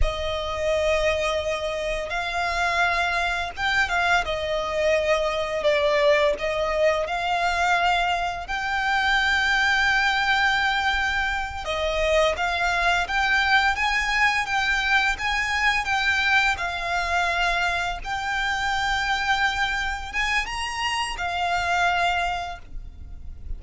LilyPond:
\new Staff \with { instrumentName = "violin" } { \time 4/4 \tempo 4 = 85 dis''2. f''4~ | f''4 g''8 f''8 dis''2 | d''4 dis''4 f''2 | g''1~ |
g''8 dis''4 f''4 g''4 gis''8~ | gis''8 g''4 gis''4 g''4 f''8~ | f''4. g''2~ g''8~ | g''8 gis''8 ais''4 f''2 | }